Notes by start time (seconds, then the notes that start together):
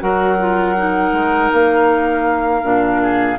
0.00 F#3 F#4 A#4 F#5
0.39 F4
0.77 D#4
1.12 G#3
1.53 A#3 F5
2.63 A#2 D4
3.03 G#4